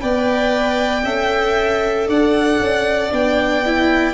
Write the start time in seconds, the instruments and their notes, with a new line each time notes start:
0.00 tuba B3, viola B4, violin D5 G5
1.04 tuba C#4, viola A4, violin E5
2.07 tuba D4, violin D5 F#5
2.59 tuba C#4
3.10 tuba B3, viola D4, violin G5
3.65 viola E4